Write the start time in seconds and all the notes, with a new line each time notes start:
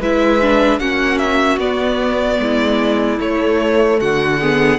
0.00 G#3 E4 B4 E5
0.42 D4
0.79 A#3 C#4 F#4 F#5
1.18 E5
1.58 B3 D5
2.39 G#3 E4
3.19 A3 C#5
4.00 D3 F#4 F#5
4.40 B3 G#4